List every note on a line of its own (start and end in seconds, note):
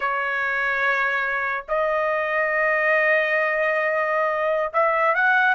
0.00 1.64 C#5
1.68 4.72 D#5
4.73 5.14 E5
5.14 5.54 F#5